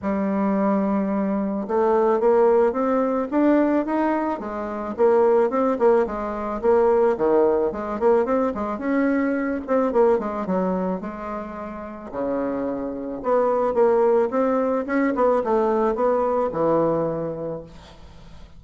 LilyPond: \new Staff \with { instrumentName = "bassoon" } { \time 4/4 \tempo 4 = 109 g2. a4 | ais4 c'4 d'4 dis'4 | gis4 ais4 c'8 ais8 gis4 | ais4 dis4 gis8 ais8 c'8 gis8 |
cis'4. c'8 ais8 gis8 fis4 | gis2 cis2 | b4 ais4 c'4 cis'8 b8 | a4 b4 e2 | }